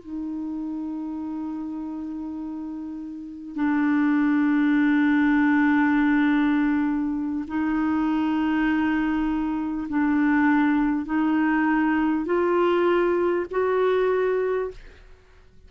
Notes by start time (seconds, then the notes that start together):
0.00 D#4
3.56 D4
7.48 D#4
9.89 D4
11.06 D#4
12.26 F4
13.52 F#4